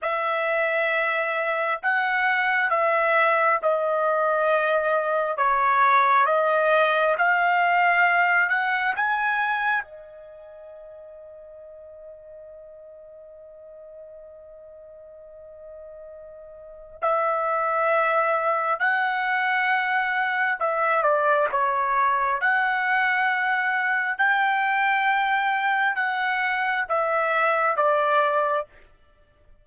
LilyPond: \new Staff \with { instrumentName = "trumpet" } { \time 4/4 \tempo 4 = 67 e''2 fis''4 e''4 | dis''2 cis''4 dis''4 | f''4. fis''8 gis''4 dis''4~ | dis''1~ |
dis''2. e''4~ | e''4 fis''2 e''8 d''8 | cis''4 fis''2 g''4~ | g''4 fis''4 e''4 d''4 | }